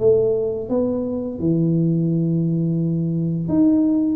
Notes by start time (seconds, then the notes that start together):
0.00 A3
0.69 B3
1.39 E3
3.49 D#4